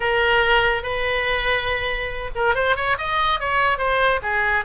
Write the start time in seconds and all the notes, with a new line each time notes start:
0.00 A#4
0.82 B4
2.35 A#4
2.54 C5
2.76 C#5
2.98 D#5
3.39 C#5
3.78 C5
4.22 G#4